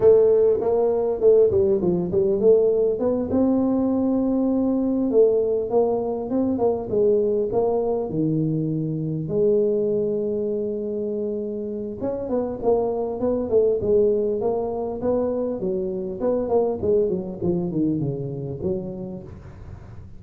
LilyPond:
\new Staff \with { instrumentName = "tuba" } { \time 4/4 \tempo 4 = 100 a4 ais4 a8 g8 f8 g8 | a4 b8 c'2~ c'8~ | c'8 a4 ais4 c'8 ais8 gis8~ | gis8 ais4 dis2 gis8~ |
gis1 | cis'8 b8 ais4 b8 a8 gis4 | ais4 b4 fis4 b8 ais8 | gis8 fis8 f8 dis8 cis4 fis4 | }